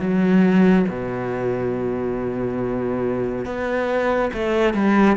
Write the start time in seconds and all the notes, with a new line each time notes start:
0.00 F#3
0.89 B2
3.46 B3
4.34 A3
4.74 G3